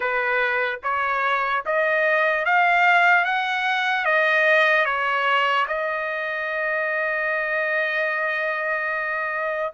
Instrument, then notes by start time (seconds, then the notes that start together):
trumpet
0.00 B4
0.83 C#5
1.65 D#5
2.45 F5
3.24 F#5
4.05 D#5
4.85 C#5
5.67 D#5